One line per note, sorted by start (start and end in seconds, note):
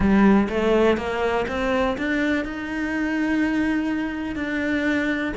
0.00 0.48 G3
0.49 0.97 A3
0.97 1.45 A#3
1.47 1.96 C4
1.97 2.44 D4
2.44 4.35 D#4
4.35 5.33 D4